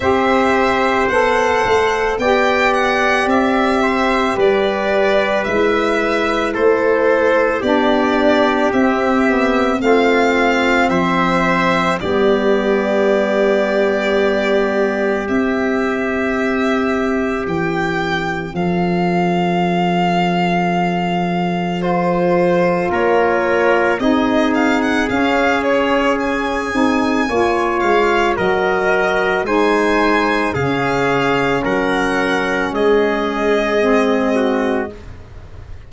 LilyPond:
<<
  \new Staff \with { instrumentName = "violin" } { \time 4/4 \tempo 4 = 55 e''4 fis''4 g''8 fis''8 e''4 | d''4 e''4 c''4 d''4 | e''4 f''4 e''4 d''4~ | d''2 e''2 |
g''4 f''2. | c''4 cis''4 dis''8 f''16 fis''16 f''8 cis''8 | gis''4. f''8 dis''4 gis''4 | f''4 fis''4 dis''2 | }
  \new Staff \with { instrumentName = "trumpet" } { \time 4/4 c''2 d''4. c''8 | b'2 a'4 g'4~ | g'4 f'4 c''4 g'4~ | g'1~ |
g'4 a'2.~ | a'4 ais'4 gis'2~ | gis'4 cis''4 ais'4 c''4 | gis'4 ais'4 gis'4. fis'8 | }
  \new Staff \with { instrumentName = "saxophone" } { \time 4/4 g'4 a'4 g'2~ | g'4 e'2 d'4 | c'8 b8 c'2 b4~ | b2 c'2~ |
c'1 | f'2 dis'4 cis'4~ | cis'8 dis'8 f'4 fis'4 dis'4 | cis'2. c'4 | }
  \new Staff \with { instrumentName = "tuba" } { \time 4/4 c'4 b8 a8 b4 c'4 | g4 gis4 a4 b4 | c'4 a4 f4 g4~ | g2 c'2 |
e4 f2.~ | f4 ais4 c'4 cis'4~ | cis'8 c'8 ais8 gis8 fis4 gis4 | cis4 fis4 gis2 | }
>>